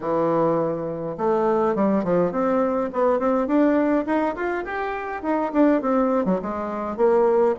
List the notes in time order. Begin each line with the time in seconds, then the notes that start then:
0.00 E3
1.17 A3
1.75 G3
2.04 F3
2.31 C4
2.92 B3
3.19 C4
3.47 D4
4.06 D#4
4.35 F4
4.64 G4
5.22 D#4
5.53 D4
5.81 C4
6.25 F#3
6.42 G#3
6.96 A#3